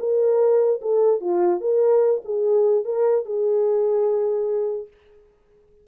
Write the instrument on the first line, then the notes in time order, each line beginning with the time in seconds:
horn
0.00 A#4
0.82 A4
1.21 F4
1.61 A#4
2.25 G#4
2.85 A#4
3.26 G#4